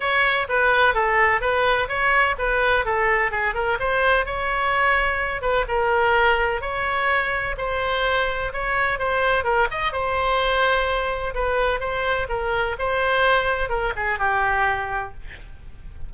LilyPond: \new Staff \with { instrumentName = "oboe" } { \time 4/4 \tempo 4 = 127 cis''4 b'4 a'4 b'4 | cis''4 b'4 a'4 gis'8 ais'8 | c''4 cis''2~ cis''8 b'8 | ais'2 cis''2 |
c''2 cis''4 c''4 | ais'8 dis''8 c''2. | b'4 c''4 ais'4 c''4~ | c''4 ais'8 gis'8 g'2 | }